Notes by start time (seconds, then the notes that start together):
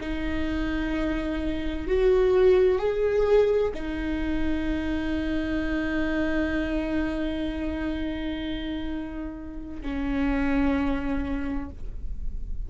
0.00 D#4
1.87 F#4
2.78 G#4
3.74 D#4
9.82 C#4